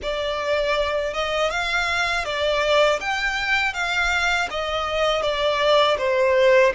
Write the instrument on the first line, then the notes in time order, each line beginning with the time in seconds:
violin
0.02 D5
1.13 D#5
1.50 F5
2.24 D5
3.00 G5
3.73 F5
4.50 D#5
5.22 D5
5.98 C5